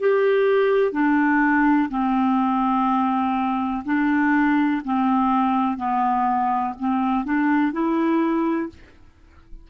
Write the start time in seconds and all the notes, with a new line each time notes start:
0.00 G4
0.92 D4
1.90 C4
3.85 D4
4.85 C4
5.77 B3
6.79 C4
7.24 D4
7.72 E4